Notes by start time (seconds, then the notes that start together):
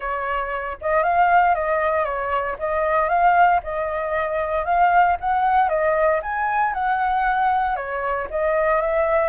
0.00 C#5
0.81 D#5
1.03 F5
1.54 D#5
2.04 C#5
2.58 D#5
3.08 F5
3.63 D#5
4.65 F5
5.20 F#5
5.68 D#5
6.22 G#5
6.73 F#5
7.76 C#5
8.30 D#5
8.81 E5